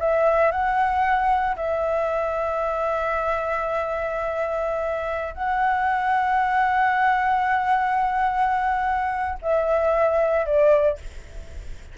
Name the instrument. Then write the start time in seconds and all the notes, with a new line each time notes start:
flute
0.00 E5
0.51 F#5
1.56 E5
5.34 F#5
9.42 E5
10.46 D5